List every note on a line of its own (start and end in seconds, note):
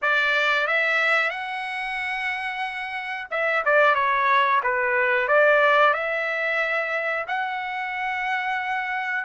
0.01 0.67 D5
0.67 1.29 E5
1.29 3.27 F#5
3.30 3.63 E5
3.65 3.94 D5
3.94 4.60 C#5
4.63 5.27 B4
5.27 5.93 D5
5.93 7.25 E5
7.27 9.24 F#5